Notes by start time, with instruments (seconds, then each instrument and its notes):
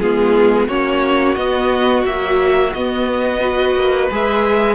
0.00 cello G#3, viola B3, violin F4 G#4
0.68 cello A#3, viola C#4, violin F#4 C#5
1.35 viola B3, cello B3, violin D#5
2.04 viola F#3, cello A#3, violin E5
2.73 cello B3, viola B3, violin D#5
3.39 viola F#4, violin B4
3.76 cello A#3
4.11 cello G#3, viola G#4, violin E5